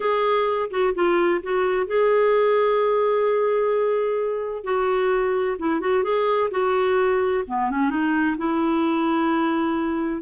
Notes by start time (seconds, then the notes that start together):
0.00 G#4
0.70 F#4
0.94 F4
1.42 F#4
1.86 G#4
4.64 F#4
5.58 E4
5.80 F#4
6.03 G#4
6.51 F#4
7.47 B3
7.70 C#4
7.89 D#4
8.37 E4